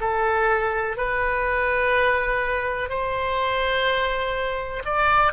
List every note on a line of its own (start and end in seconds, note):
0.00 0.97 A4
0.97 2.89 B4
2.89 4.83 C5
4.85 5.32 D5